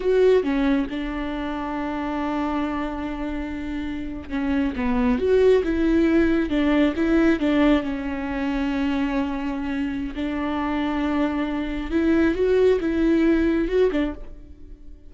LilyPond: \new Staff \with { instrumentName = "viola" } { \time 4/4 \tempo 4 = 136 fis'4 cis'4 d'2~ | d'1~ | d'4.~ d'16 cis'4 b4 fis'16~ | fis'8. e'2 d'4 e'16~ |
e'8. d'4 cis'2~ cis'16~ | cis'2. d'4~ | d'2. e'4 | fis'4 e'2 fis'8 d'8 | }